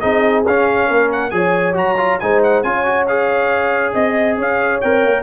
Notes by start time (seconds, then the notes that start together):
0.00 C4 D#4 G#4 D#5
0.47 C#4 F5
0.87 A#3 A#4
1.12 F#5
1.31 F3 G#4 C#5 G#5
1.73 F#3 F#4 A#5
1.97 F4
2.20 G#3 D#4 C5 G#5
2.43 F#5
2.63 C#4 F4 C#5 G#5
2.85 F#4
3.07 G#4 F5
3.94 C4 D#5
4.38 C#4 C#5 F5
4.81 C4 A#4 G5
5.05 A#3